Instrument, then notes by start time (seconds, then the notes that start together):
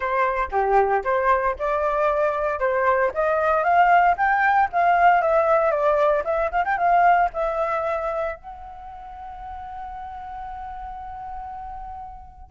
flute
0.00 C5
0.51 G4
1.03 C5
1.58 D5
2.59 C5
3.14 D#5
3.63 F5
4.17 G5
4.72 F5
5.21 E5
5.71 D5
6.24 E5
6.51 F5
6.64 G5
6.77 F5
7.33 E5
8.36 F#5